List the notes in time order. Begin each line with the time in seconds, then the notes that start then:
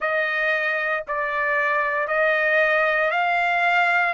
0.00 D#5
1.07 D5
2.07 D#5
3.10 F5